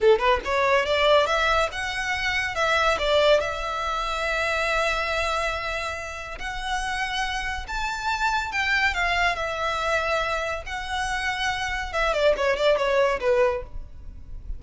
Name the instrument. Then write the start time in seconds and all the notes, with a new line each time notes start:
violin
0.01 A4
0.18 B4
0.44 C#5
0.85 D5
1.26 E5
1.72 F#5
2.55 E5
2.98 D5
3.40 E5
6.38 F#5
7.67 A5
8.51 G5
8.94 F5
9.35 E5
10.66 F#5
11.92 E5
12.13 D5
12.36 C#5
12.56 D5
12.77 C#5
13.20 B4